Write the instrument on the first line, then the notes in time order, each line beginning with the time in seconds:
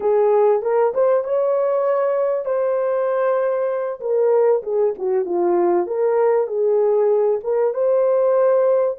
horn
0.00 G#4
0.62 A#4
0.94 C5
1.24 C#5
2.45 C5
4.00 A#4
4.63 G#4
4.98 F#4
5.25 F4
5.87 A#4
6.47 G#4
7.43 A#4
7.73 C5